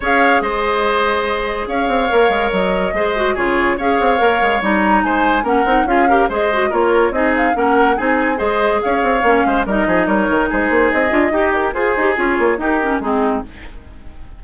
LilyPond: <<
  \new Staff \with { instrumentName = "flute" } { \time 4/4 \tempo 4 = 143 f''4 dis''2. | f''2 dis''2 | cis''4 f''2 ais''4 | gis''4 fis''4 f''4 dis''4 |
cis''4 dis''8 f''8 fis''4 gis''4 | dis''4 f''2 dis''4 | cis''4 c''4 dis''4. ais'8 | c''4 cis''4 ais'4 gis'4 | }
  \new Staff \with { instrumentName = "oboe" } { \time 4/4 cis''4 c''2. | cis''2. c''4 | gis'4 cis''2. | c''4 ais'4 gis'8 ais'8 c''4 |
ais'4 gis'4 ais'4 gis'4 | c''4 cis''4. c''8 ais'8 gis'8 | ais'4 gis'2 g'4 | gis'2 g'4 dis'4 | }
  \new Staff \with { instrumentName = "clarinet" } { \time 4/4 gis'1~ | gis'4 ais'2 gis'8 fis'8 | f'4 gis'4 ais'4 dis'4~ | dis'4 cis'8 dis'8 f'8 g'8 gis'8 fis'8 |
f'4 dis'4 cis'4 dis'4 | gis'2 cis'4 dis'4~ | dis'2~ dis'8 f'8 g'4 | gis'8 g'8 f'4 dis'8 cis'8 c'4 | }
  \new Staff \with { instrumentName = "bassoon" } { \time 4/4 cis'4 gis2. | cis'8 c'8 ais8 gis8 fis4 gis4 | cis4 cis'8 c'8 ais8 gis8 g4 | gis4 ais8 c'8 cis'4 gis4 |
ais4 c'4 ais4 c'4 | gis4 cis'8 c'8 ais8 gis8 g8 f8 | g8 dis8 gis8 ais8 c'8 d'8 dis'4 | f'8 dis'8 cis'8 ais8 dis'4 gis4 | }
>>